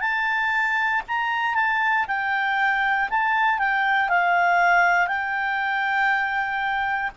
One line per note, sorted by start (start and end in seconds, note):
0.00 1.02 A5
1.08 1.55 A#5
1.55 2.06 A5
2.07 3.09 G5
3.10 3.59 A5
3.59 4.09 G5
4.09 5.08 F5
5.08 7.11 G5